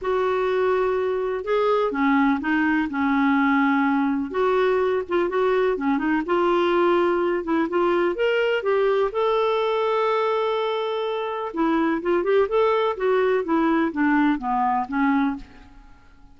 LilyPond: \new Staff \with { instrumentName = "clarinet" } { \time 4/4 \tempo 4 = 125 fis'2. gis'4 | cis'4 dis'4 cis'2~ | cis'4 fis'4. f'8 fis'4 | cis'8 dis'8 f'2~ f'8 e'8 |
f'4 ais'4 g'4 a'4~ | a'1 | e'4 f'8 g'8 a'4 fis'4 | e'4 d'4 b4 cis'4 | }